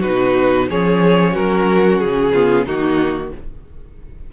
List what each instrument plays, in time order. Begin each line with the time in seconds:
0.00 viola D#4, violin F#4 B4
0.07 cello B2
0.70 cello F3, viola C#4, violin G#4 C#5
1.33 cello F#3, violin F#4 A#4
2.00 cello C#3, violin G#4
2.34 viola B3, violin F4
2.66 cello D#3, viola A#3, violin D#4 F#4